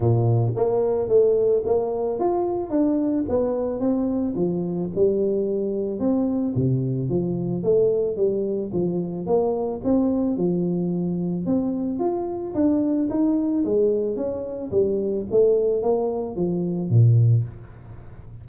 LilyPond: \new Staff \with { instrumentName = "tuba" } { \time 4/4 \tempo 4 = 110 ais,4 ais4 a4 ais4 | f'4 d'4 b4 c'4 | f4 g2 c'4 | c4 f4 a4 g4 |
f4 ais4 c'4 f4~ | f4 c'4 f'4 d'4 | dis'4 gis4 cis'4 g4 | a4 ais4 f4 ais,4 | }